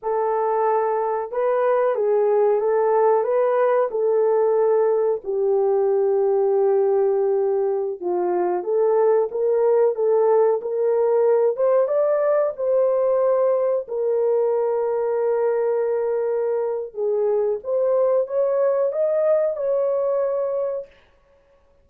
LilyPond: \new Staff \with { instrumentName = "horn" } { \time 4/4 \tempo 4 = 92 a'2 b'4 gis'4 | a'4 b'4 a'2 | g'1~ | g'16 f'4 a'4 ais'4 a'8.~ |
a'16 ais'4. c''8 d''4 c''8.~ | c''4~ c''16 ais'2~ ais'8.~ | ais'2 gis'4 c''4 | cis''4 dis''4 cis''2 | }